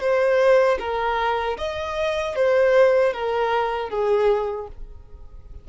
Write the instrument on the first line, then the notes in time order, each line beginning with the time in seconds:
violin
0.00 C5
0.79 A#4
1.57 D#5
2.35 C5
3.13 A#4
3.89 G#4